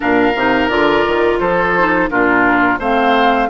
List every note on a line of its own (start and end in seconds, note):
0.00 0.35 A#2
0.00 0.32 D4
0.00 1.39 A#4
0.00 0.68 F5
0.35 0.69 C3
0.35 0.70 D#4
0.68 1.04 D3
0.68 1.74 F4
0.68 1.37 D5
1.06 1.40 D#3
1.39 2.09 F3
1.39 2.09 A4
1.39 2.09 C5
1.78 2.09 D#4
2.09 2.79 A#2
2.09 2.79 D4
2.09 2.79 F4
2.09 2.79 A#4
2.79 3.48 A3
2.79 3.49 C4
2.79 3.49 C5
2.79 3.49 F5